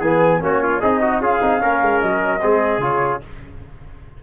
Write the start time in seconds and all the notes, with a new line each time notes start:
0.00 E3 B3 G#4 G#5
0.40 A#3 C#4 F#4 C#5
0.63 F4
0.80 C4 D#4 G#4 D#5
1.02 F#4
1.20 C#4 F4 G#4 F5
1.42 C4 D#4
1.60 A#3 C#4 A#4
1.82 G#3
2.01 F#3 D#5
2.42 G#3 C4 G#4
2.78 C#3 F4 C#5